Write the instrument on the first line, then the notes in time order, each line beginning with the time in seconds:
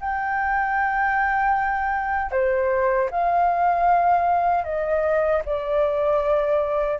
flute
0.00 G5
2.31 C5
3.10 F5
4.64 D#5
5.45 D5